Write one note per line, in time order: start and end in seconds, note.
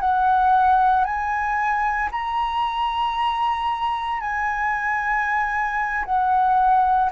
0.00 1.04 F#5
1.04 2.10 G#5
2.11 4.20 A#5
4.20 6.04 G#5
6.05 7.10 F#5